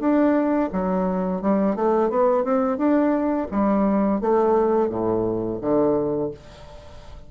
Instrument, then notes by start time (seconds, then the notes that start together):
bassoon
0.00 D4
0.73 F#3
1.42 G3
1.76 A3
2.10 B3
2.44 C4
2.78 D4
3.51 G3
4.21 A3
4.89 A2
5.61 D3